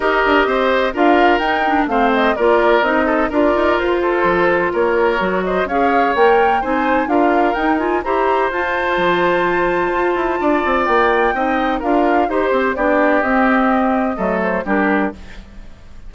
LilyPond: <<
  \new Staff \with { instrumentName = "flute" } { \time 4/4 \tempo 4 = 127 dis''2 f''4 g''4 | f''8 dis''8 d''4 dis''4 d''4 | c''2 cis''4. dis''8 | f''4 g''4 gis''4 f''4 |
g''8 gis''8 ais''4 a''2~ | a''2. g''4~ | g''4 f''4 c''4 d''4 | dis''2~ dis''8 c''8 ais'4 | }
  \new Staff \with { instrumentName = "oboe" } { \time 4/4 ais'4 c''4 ais'2 | c''4 ais'4. a'8 ais'4~ | ais'8 a'4. ais'4. c''8 | cis''2 c''4 ais'4~ |
ais'4 c''2.~ | c''2 d''2 | dis''4 ais'4 c''4 g'4~ | g'2 a'4 g'4 | }
  \new Staff \with { instrumentName = "clarinet" } { \time 4/4 g'2 f'4 dis'8 d'8 | c'4 f'4 dis'4 f'4~ | f'2. fis'4 | gis'4 ais'4 dis'4 f'4 |
dis'8 f'8 g'4 f'2~ | f'1 | dis'4 f'4 g'4 d'4 | c'2 a4 d'4 | }
  \new Staff \with { instrumentName = "bassoon" } { \time 4/4 dis'8 d'8 c'4 d'4 dis'4 | a4 ais4 c'4 d'8 dis'8 | f'4 f4 ais4 fis4 | cis'4 ais4 c'4 d'4 |
dis'4 e'4 f'4 f4~ | f4 f'8 e'8 d'8 c'8 ais4 | c'4 d'4 dis'8 c'8 b4 | c'2 fis4 g4 | }
>>